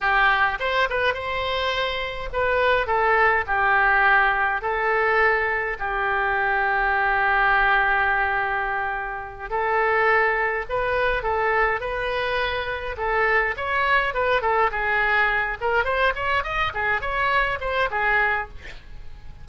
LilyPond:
\new Staff \with { instrumentName = "oboe" } { \time 4/4 \tempo 4 = 104 g'4 c''8 b'8 c''2 | b'4 a'4 g'2 | a'2 g'2~ | g'1~ |
g'8 a'2 b'4 a'8~ | a'8 b'2 a'4 cis''8~ | cis''8 b'8 a'8 gis'4. ais'8 c''8 | cis''8 dis''8 gis'8 cis''4 c''8 gis'4 | }